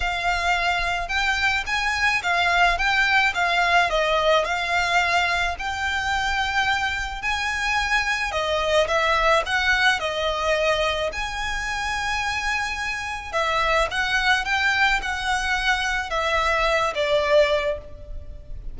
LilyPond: \new Staff \with { instrumentName = "violin" } { \time 4/4 \tempo 4 = 108 f''2 g''4 gis''4 | f''4 g''4 f''4 dis''4 | f''2 g''2~ | g''4 gis''2 dis''4 |
e''4 fis''4 dis''2 | gis''1 | e''4 fis''4 g''4 fis''4~ | fis''4 e''4. d''4. | }